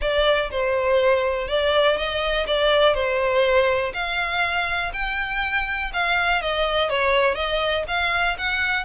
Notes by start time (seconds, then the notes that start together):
0.01 D5
0.51 C5
1.48 D5
1.97 D#5
2.46 D5
2.94 C5
3.93 F5
4.93 G5
5.93 F5
6.41 D#5
6.89 C#5
7.35 D#5
7.87 F5
8.37 F#5